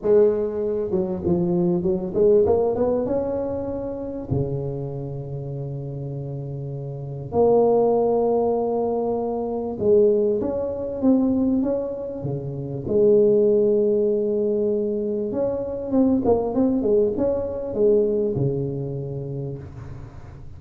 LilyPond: \new Staff \with { instrumentName = "tuba" } { \time 4/4 \tempo 4 = 98 gis4. fis8 f4 fis8 gis8 | ais8 b8 cis'2 cis4~ | cis1 | ais1 |
gis4 cis'4 c'4 cis'4 | cis4 gis2.~ | gis4 cis'4 c'8 ais8 c'8 gis8 | cis'4 gis4 cis2 | }